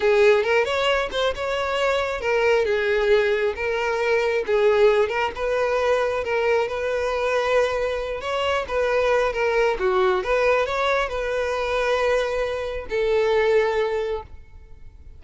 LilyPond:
\new Staff \with { instrumentName = "violin" } { \time 4/4 \tempo 4 = 135 gis'4 ais'8 cis''4 c''8 cis''4~ | cis''4 ais'4 gis'2 | ais'2 gis'4. ais'8 | b'2 ais'4 b'4~ |
b'2~ b'8 cis''4 b'8~ | b'4 ais'4 fis'4 b'4 | cis''4 b'2.~ | b'4 a'2. | }